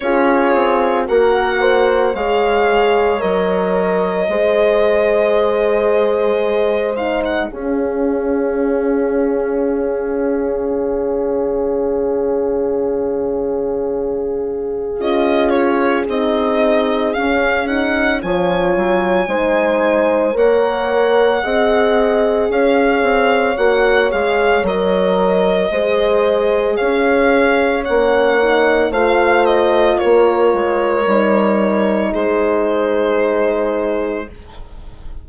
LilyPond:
<<
  \new Staff \with { instrumentName = "violin" } { \time 4/4 \tempo 4 = 56 cis''4 fis''4 f''4 dis''4~ | dis''2~ dis''8 f''16 fis''16 f''4~ | f''1~ | f''2 dis''8 cis''8 dis''4 |
f''8 fis''8 gis''2 fis''4~ | fis''4 f''4 fis''8 f''8 dis''4~ | dis''4 f''4 fis''4 f''8 dis''8 | cis''2 c''2 | }
  \new Staff \with { instrumentName = "horn" } { \time 4/4 gis'4 ais'8 c''8 cis''2 | c''2. gis'4~ | gis'1~ | gis'1~ |
gis'4 cis''4 c''4 cis''4 | dis''4 cis''2. | c''4 cis''2 c''4 | ais'2 gis'2 | }
  \new Staff \with { instrumentName = "horn" } { \time 4/4 f'4 fis'4 gis'4 ais'4 | gis'2~ gis'8 dis'8 cis'4~ | cis'1~ | cis'2 f'4 dis'4 |
cis'8 dis'8 f'4 dis'4 ais'4 | gis'2 fis'8 gis'8 ais'4 | gis'2 cis'8 dis'8 f'4~ | f'4 dis'2. | }
  \new Staff \with { instrumentName = "bassoon" } { \time 4/4 cis'8 c'8 ais4 gis4 fis4 | gis2. cis'4~ | cis'2 cis2~ | cis2 cis'4 c'4 |
cis'4 f8 fis8 gis4 ais4 | c'4 cis'8 c'8 ais8 gis8 fis4 | gis4 cis'4 ais4 a4 | ais8 gis8 g4 gis2 | }
>>